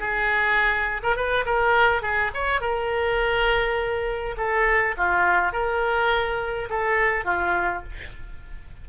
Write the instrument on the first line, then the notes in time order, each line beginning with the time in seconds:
oboe
0.00 G#4
1.03 A#4
1.16 B4
1.46 A#4
2.02 G#4
2.35 C#5
2.61 A#4
4.37 A4
4.98 F4
5.53 A#4
6.70 A4
7.25 F4